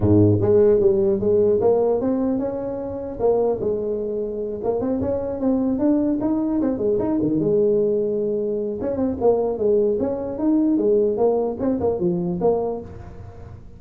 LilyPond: \new Staff \with { instrumentName = "tuba" } { \time 4/4 \tempo 4 = 150 gis,4 gis4 g4 gis4 | ais4 c'4 cis'2 | ais4 gis2~ gis8 ais8 | c'8 cis'4 c'4 d'4 dis'8~ |
dis'8 c'8 gis8 dis'8 dis8 gis4.~ | gis2 cis'8 c'8 ais4 | gis4 cis'4 dis'4 gis4 | ais4 c'8 ais8 f4 ais4 | }